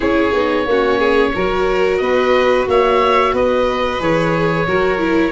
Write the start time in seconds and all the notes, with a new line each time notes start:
0.00 C#4 E4 G#4 C#5
0.33 B3 D#4
0.66 A#3 C#4 F#4
0.98 G#4
1.35 F#3 F#4 A#4
1.97 B3 B4 D#5
2.67 A#3 C#5 E5
3.33 B3 B4 D#5
3.99 E3 G#4 C#5
4.67 F#3 F#4 A#4
4.98 E4